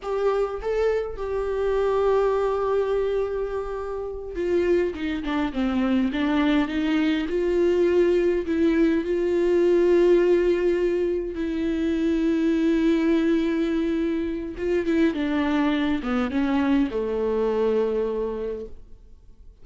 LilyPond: \new Staff \with { instrumentName = "viola" } { \time 4/4 \tempo 4 = 103 g'4 a'4 g'2~ | g'2.~ g'8 f'8~ | f'8 dis'8 d'8 c'4 d'4 dis'8~ | dis'8 f'2 e'4 f'8~ |
f'2.~ f'8 e'8~ | e'1~ | e'4 f'8 e'8 d'4. b8 | cis'4 a2. | }